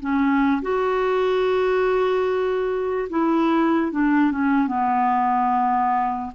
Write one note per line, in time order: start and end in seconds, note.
0.00 0.62 C#4
0.62 3.08 F#4
3.09 3.92 E4
3.92 4.31 D4
4.31 4.67 C#4
4.67 6.31 B3